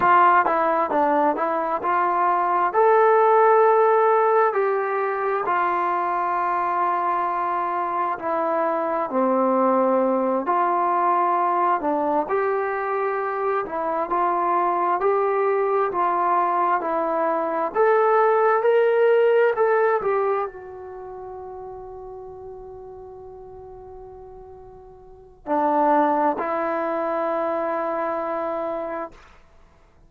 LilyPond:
\new Staff \with { instrumentName = "trombone" } { \time 4/4 \tempo 4 = 66 f'8 e'8 d'8 e'8 f'4 a'4~ | a'4 g'4 f'2~ | f'4 e'4 c'4. f'8~ | f'4 d'8 g'4. e'8 f'8~ |
f'8 g'4 f'4 e'4 a'8~ | a'8 ais'4 a'8 g'8 fis'4.~ | fis'1 | d'4 e'2. | }